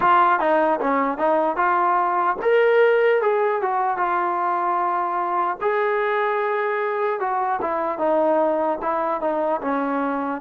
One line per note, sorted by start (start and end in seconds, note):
0.00 0.39 F4
0.39 0.79 D#4
0.80 1.17 C#4
1.17 1.56 D#4
1.56 2.36 F4
2.42 3.21 A#4
3.21 3.61 G#4
3.61 3.97 F#4
3.97 5.57 F4
5.61 7.20 G#4
7.20 7.60 F#4
7.61 7.98 E4
7.98 8.78 D#4
8.81 9.20 E4
9.20 9.60 D#4
9.61 10.41 C#4